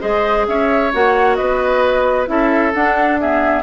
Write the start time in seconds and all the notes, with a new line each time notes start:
0.00 G#3 G#4 C5 D#5
0.47 C#4 C#5 E5
0.93 A#3 F#4 F#5
1.35 B3 B4 D#5
2.26 C#4 E4 A4 E5
2.74 D4 F#5
3.20 B3 G#4 E5